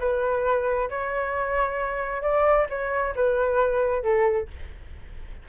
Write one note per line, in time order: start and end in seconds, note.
0.00 0.90 B4
0.90 2.22 C#5
2.22 2.67 D5
2.70 3.14 C#5
3.16 4.03 B4
4.03 4.48 A4